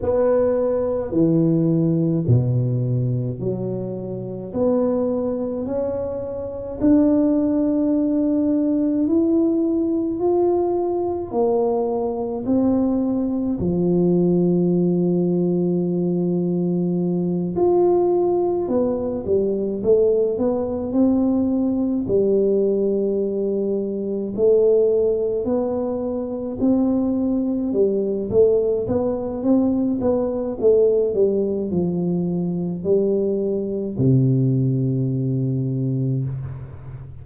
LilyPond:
\new Staff \with { instrumentName = "tuba" } { \time 4/4 \tempo 4 = 53 b4 e4 b,4 fis4 | b4 cis'4 d'2 | e'4 f'4 ais4 c'4 | f2.~ f8 f'8~ |
f'8 b8 g8 a8 b8 c'4 g8~ | g4. a4 b4 c'8~ | c'8 g8 a8 b8 c'8 b8 a8 g8 | f4 g4 c2 | }